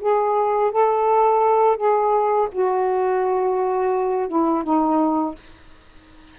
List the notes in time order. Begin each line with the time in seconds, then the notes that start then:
0.00 G#4
0.71 A4
1.77 G#4
2.52 F#4
4.28 E4
4.64 D#4